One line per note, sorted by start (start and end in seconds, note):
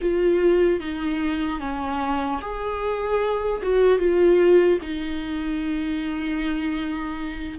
0.01 0.80 F4
0.80 1.60 D#4
1.60 2.40 C#4
2.41 3.61 G#4
3.62 3.98 F#4
3.98 4.78 F4
4.81 7.58 D#4